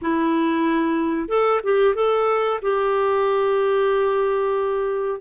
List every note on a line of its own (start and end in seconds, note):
0.01 1.28 E4
1.28 1.61 A4
1.63 1.94 G4
1.94 2.60 A4
2.61 5.21 G4